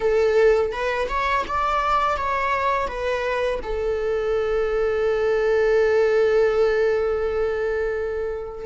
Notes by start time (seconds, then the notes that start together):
0.00 A4
0.72 B4
1.08 C#5
1.47 D5
2.17 C#5
2.87 B4
3.62 A4